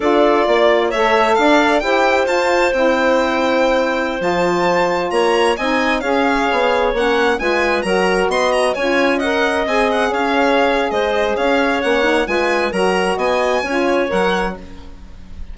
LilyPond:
<<
  \new Staff \with { instrumentName = "violin" } { \time 4/4 \tempo 4 = 132 d''2 e''4 f''4 | g''4 a''4 g''2~ | g''4~ g''16 a''2 ais''8.~ | ais''16 gis''4 f''2 fis''8.~ |
fis''16 gis''4 ais''4 c'''8 ais''8 gis''8.~ | gis''16 fis''4 gis''8 fis''8 f''4.~ f''16 | dis''4 f''4 fis''4 gis''4 | ais''4 gis''2 fis''4 | }
  \new Staff \with { instrumentName = "clarinet" } { \time 4/4 a'4 d''4 cis''4 d''4 | c''1~ | c''2.~ c''16 cis''8.~ | cis''16 dis''4 cis''2~ cis''8.~ |
cis''16 b'4 ais'4 dis''4 cis''8.~ | cis''16 dis''2 cis''4.~ cis''16 | c''4 cis''2 b'4 | ais'4 dis''4 cis''2 | }
  \new Staff \with { instrumentName = "saxophone" } { \time 4/4 f'2 a'2 | g'4 f'4 e'2~ | e'4~ e'16 f'2~ f'8.~ | f'16 dis'4 gis'2 cis'8.~ |
cis'16 f'4 fis'2 f'8.~ | f'16 ais'4 gis'2~ gis'8.~ | gis'2 cis'8 dis'8 f'4 | fis'2 f'4 ais'4 | }
  \new Staff \with { instrumentName = "bassoon" } { \time 4/4 d'4 ais4 a4 d'4 | e'4 f'4 c'2~ | c'4~ c'16 f2 ais8.~ | ais16 c'4 cis'4 b4 ais8.~ |
ais16 gis4 fis4 b4 cis'8.~ | cis'4~ cis'16 c'4 cis'4.~ cis'16 | gis4 cis'4 ais4 gis4 | fis4 b4 cis'4 fis4 | }
>>